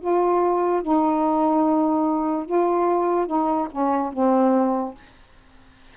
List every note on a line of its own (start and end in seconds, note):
0.00 0.82 F4
0.82 2.46 D#4
2.46 3.27 F4
3.27 3.68 D#4
3.71 4.12 C#4
4.12 4.95 C4